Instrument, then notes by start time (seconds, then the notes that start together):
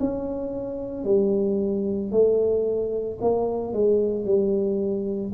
tuba
0.00 C#4
1.05 G3
2.12 A3
3.21 A#3
3.73 G#3
4.26 G3